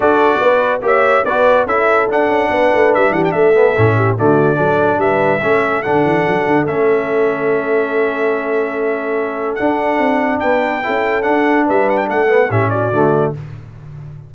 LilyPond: <<
  \new Staff \with { instrumentName = "trumpet" } { \time 4/4 \tempo 4 = 144 d''2 e''4 d''4 | e''4 fis''2 e''8 fis''16 g''16 | e''2 d''2 | e''2 fis''2 |
e''1~ | e''2. fis''4~ | fis''4 g''2 fis''4 | e''8 fis''16 g''16 fis''4 e''8 d''4. | }
  \new Staff \with { instrumentName = "horn" } { \time 4/4 a'4 b'4 cis''4 b'4 | a'2 b'4. g'8 | a'4. g'8 fis'4 a'4 | b'4 a'2.~ |
a'1~ | a'1~ | a'4 b'4 a'2 | b'4 a'4 g'8 fis'4. | }
  \new Staff \with { instrumentName = "trombone" } { \time 4/4 fis'2 g'4 fis'4 | e'4 d'2.~ | d'8 b8 cis'4 a4 d'4~ | d'4 cis'4 d'2 |
cis'1~ | cis'2. d'4~ | d'2 e'4 d'4~ | d'4. b8 cis'4 a4 | }
  \new Staff \with { instrumentName = "tuba" } { \time 4/4 d'4 b4 ais4 b4 | cis'4 d'8 cis'8 b8 a8 g8 e8 | a4 a,4 d4 fis4 | g4 a4 d8 e8 fis8 d8 |
a1~ | a2. d'4 | c'4 b4 cis'4 d'4 | g4 a4 a,4 d4 | }
>>